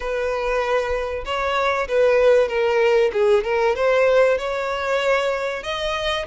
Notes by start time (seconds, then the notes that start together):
0.00 B4
1.25 C#5
1.88 B4
2.48 A#4
3.12 G#4
3.44 A#4
3.75 C5
4.38 C#5
5.63 D#5